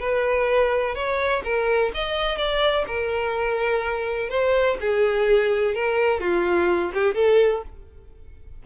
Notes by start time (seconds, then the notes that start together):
0.00 B4
0.95 C#5
1.44 A#4
1.94 D#5
2.37 D5
2.87 A#4
4.30 C5
4.81 G#4
5.75 A#4
6.21 F4
6.94 G4
7.15 A4